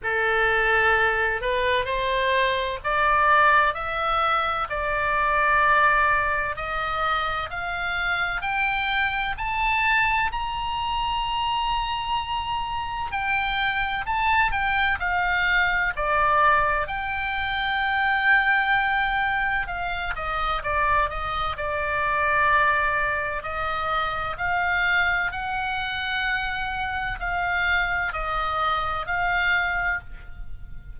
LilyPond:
\new Staff \with { instrumentName = "oboe" } { \time 4/4 \tempo 4 = 64 a'4. b'8 c''4 d''4 | e''4 d''2 dis''4 | f''4 g''4 a''4 ais''4~ | ais''2 g''4 a''8 g''8 |
f''4 d''4 g''2~ | g''4 f''8 dis''8 d''8 dis''8 d''4~ | d''4 dis''4 f''4 fis''4~ | fis''4 f''4 dis''4 f''4 | }